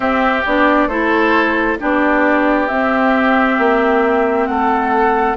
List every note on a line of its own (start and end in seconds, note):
0.00 0.44 C4
0.00 0.45 C4
0.00 0.88 G4
0.00 0.44 E5
0.46 0.87 B3
0.46 0.90 D4
0.46 0.88 D5
0.87 1.76 A3
0.87 1.79 E4
0.87 1.78 A4
0.87 1.77 C5
1.79 2.70 B3
1.79 2.68 D4
1.79 4.49 G4
1.79 2.67 D5
2.67 5.36 C4
2.67 3.58 C4
2.67 4.46 E5
3.58 4.48 A#3
4.46 5.36 A3
4.46 5.36 A4
4.46 5.35 F#5